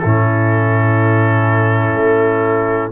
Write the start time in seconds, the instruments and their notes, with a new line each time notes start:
0.00 tuba A2, trombone C#4, horn E4, trumpet A4
1.95 tuba A3